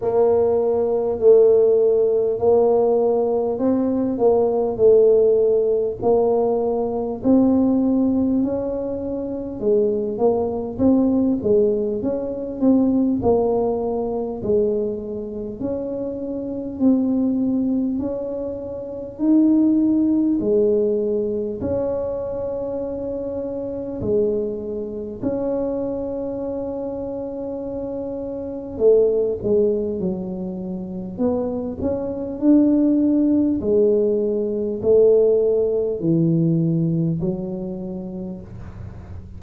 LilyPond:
\new Staff \with { instrumentName = "tuba" } { \time 4/4 \tempo 4 = 50 ais4 a4 ais4 c'8 ais8 | a4 ais4 c'4 cis'4 | gis8 ais8 c'8 gis8 cis'8 c'8 ais4 | gis4 cis'4 c'4 cis'4 |
dis'4 gis4 cis'2 | gis4 cis'2. | a8 gis8 fis4 b8 cis'8 d'4 | gis4 a4 e4 fis4 | }